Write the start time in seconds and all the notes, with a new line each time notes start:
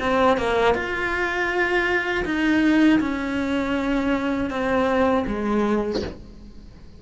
0.00 C4
0.38 A#3
0.75 F4
2.25 D#4
3.01 C#4
4.50 C4
5.27 G#3